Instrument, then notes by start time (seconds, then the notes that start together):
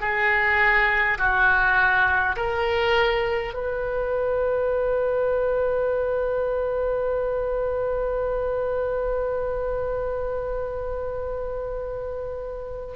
oboe
0.00 G#4
1.18 F#4
2.36 A#4
3.53 B4